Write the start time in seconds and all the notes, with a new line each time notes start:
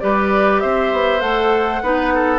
0.00 G3 G4 B4 D5
0.60 C4 C5 E5
0.93 B3
1.20 A3 A4 F#5
1.82 B3 D#4 B4
2.14 A4